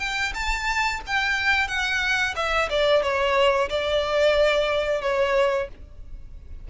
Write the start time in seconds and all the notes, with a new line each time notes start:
0.00 G5
0.34 A5
1.07 G5
1.68 F#5
2.36 E5
2.70 D5
3.03 C#5
3.70 D5
5.02 C#5